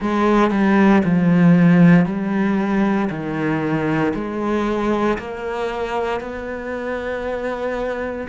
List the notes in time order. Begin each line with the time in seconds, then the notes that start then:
0.00 G#3
0.50 G3
1.04 F3
2.05 G3
3.09 D#3
4.14 G#3
5.18 A#3
6.20 B3